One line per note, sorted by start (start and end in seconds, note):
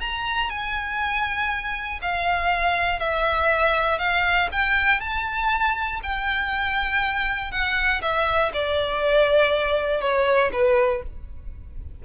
0.00 0.50 A#5
0.50 2.00 G#5
2.01 2.99 F5
2.99 3.98 E5
3.98 4.48 F5
4.52 5.00 G5
5.00 6.00 A5
6.02 7.51 G5
7.51 8.01 F#5
8.01 8.51 E5
8.53 10.01 D5
10.01 10.51 C#5
10.53 11.02 B4